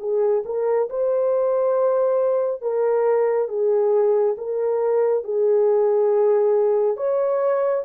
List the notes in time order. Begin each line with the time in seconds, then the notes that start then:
0.00 G#4
0.45 A#4
0.90 C5
2.62 A#4
3.49 G#4
4.38 A#4
5.25 G#4
6.97 C#5